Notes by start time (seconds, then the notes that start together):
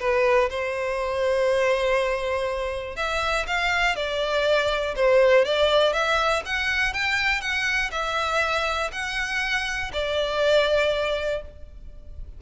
0.00 B4
0.50 C5
2.96 E5
3.47 F5
3.96 D5
4.96 C5
5.45 D5
5.93 E5
6.46 F#5
6.94 G5
7.41 F#5
7.92 E5
8.92 F#5
9.93 D5